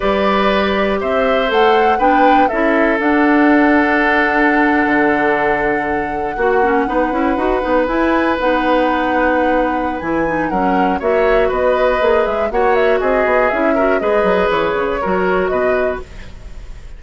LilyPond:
<<
  \new Staff \with { instrumentName = "flute" } { \time 4/4 \tempo 4 = 120 d''2 e''4 fis''4 | g''4 e''4 fis''2~ | fis''1~ | fis''2.~ fis''8. gis''16~ |
gis''8. fis''2.~ fis''16 | gis''4 fis''4 e''4 dis''4~ | dis''8 e''8 fis''8 e''8 dis''4 e''4 | dis''4 cis''2 dis''4 | }
  \new Staff \with { instrumentName = "oboe" } { \time 4/4 b'2 c''2 | b'4 a'2.~ | a'1~ | a'8. fis'4 b'2~ b'16~ |
b'1~ | b'4 ais'4 cis''4 b'4~ | b'4 cis''4 gis'4. ais'8 | b'2 ais'4 b'4 | }
  \new Staff \with { instrumentName = "clarinet" } { \time 4/4 g'2. a'4 | d'4 e'4 d'2~ | d'1~ | d'8. fis'8 cis'8 dis'8 e'8 fis'8 dis'8 e'16~ |
e'8. dis'2.~ dis'16 | e'8 dis'8 cis'4 fis'2 | gis'4 fis'2 e'8 fis'8 | gis'2 fis'2 | }
  \new Staff \with { instrumentName = "bassoon" } { \time 4/4 g2 c'4 a4 | b4 cis'4 d'2~ | d'4.~ d'16 d2~ d16~ | d8. ais4 b8 cis'8 dis'8 b8 e'16~ |
e'8. b2.~ b16 | e4 fis4 ais4 b4 | ais8 gis8 ais4 c'8 b8 cis'4 | gis8 fis8 e8 cis8 fis4 b,4 | }
>>